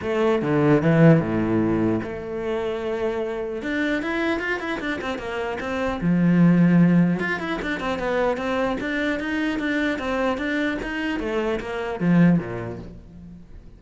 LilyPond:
\new Staff \with { instrumentName = "cello" } { \time 4/4 \tempo 4 = 150 a4 d4 e4 a,4~ | a,4 a2.~ | a4 d'4 e'4 f'8 e'8 | d'8 c'8 ais4 c'4 f4~ |
f2 f'8 e'8 d'8 c'8 | b4 c'4 d'4 dis'4 | d'4 c'4 d'4 dis'4 | a4 ais4 f4 ais,4 | }